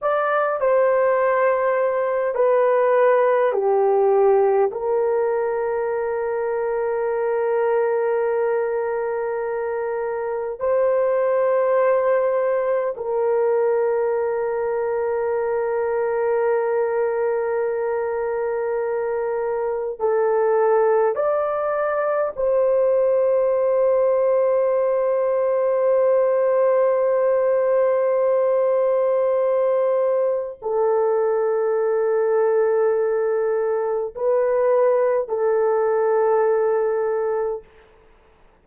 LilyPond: \new Staff \with { instrumentName = "horn" } { \time 4/4 \tempo 4 = 51 d''8 c''4. b'4 g'4 | ais'1~ | ais'4 c''2 ais'4~ | ais'1~ |
ais'4 a'4 d''4 c''4~ | c''1~ | c''2 a'2~ | a'4 b'4 a'2 | }